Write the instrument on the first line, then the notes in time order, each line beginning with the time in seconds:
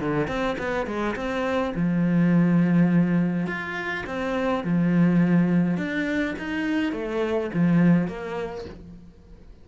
cello
0.00 D3
0.27 C4
0.58 B3
0.86 G#3
1.15 C4
1.75 F3
3.47 F4
4.06 C4
4.64 F3
5.77 D4
6.38 D#4
6.92 A3
7.53 F3
8.07 A#3